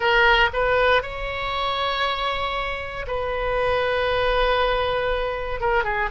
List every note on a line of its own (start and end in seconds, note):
0.00 0.49 A#4
0.53 1.02 B4
1.02 3.06 C#5
3.07 5.60 B4
5.60 5.83 A#4
5.83 6.09 G#4